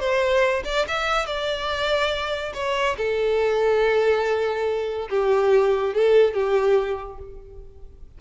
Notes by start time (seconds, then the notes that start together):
0.00 C5
0.65 D5
0.88 E5
1.26 D5
2.54 C#5
2.98 A4
5.10 G4
5.94 A4
6.34 G4